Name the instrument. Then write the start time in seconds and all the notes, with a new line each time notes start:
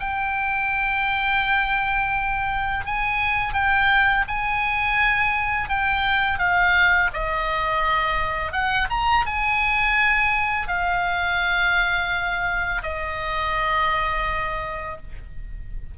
oboe
0.00 G5
2.86 G#5
3.54 G5
4.28 G#5
5.69 G5
6.39 F5
7.14 D#5
8.53 F#5
8.90 A#5
9.26 G#5
10.68 F5
12.83 D#5